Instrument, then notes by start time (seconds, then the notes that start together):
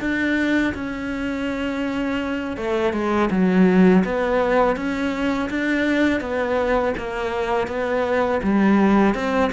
cello
0.00 D4
0.74 C#4
2.57 A3
2.93 G#3
3.31 F#3
4.04 B3
4.76 C#4
5.50 D4
6.21 B3
6.97 A#3
7.67 B3
8.43 G3
9.14 C4